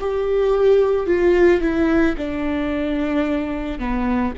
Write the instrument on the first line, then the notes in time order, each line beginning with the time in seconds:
viola
0.00 G4
1.07 F4
1.62 E4
2.18 D4
3.79 B3